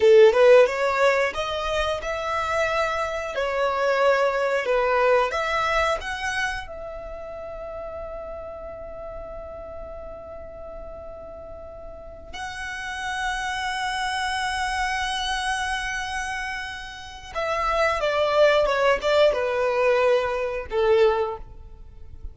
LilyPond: \new Staff \with { instrumentName = "violin" } { \time 4/4 \tempo 4 = 90 a'8 b'8 cis''4 dis''4 e''4~ | e''4 cis''2 b'4 | e''4 fis''4 e''2~ | e''1~ |
e''2~ e''8 fis''4.~ | fis''1~ | fis''2 e''4 d''4 | cis''8 d''8 b'2 a'4 | }